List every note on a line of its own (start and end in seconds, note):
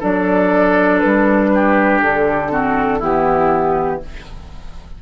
0.00 1.03 F#3
0.00 2.50 D4
0.00 1.50 A4
0.00 0.99 D5
0.99 2.02 G3
0.99 1.99 B4
1.54 2.52 G4
2.02 3.01 D3
2.02 3.02 A4
2.50 3.00 C4
2.50 2.99 F#4
2.99 4.01 E3
2.99 4.01 B3
2.99 3.99 E4
2.99 4.02 G4